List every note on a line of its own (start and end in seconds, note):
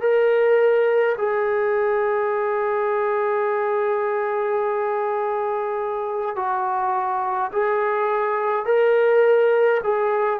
0.00 1.15 A#4
1.17 6.35 G#4
6.35 7.51 F#4
7.52 8.65 G#4
8.65 9.80 A#4
9.83 10.40 G#4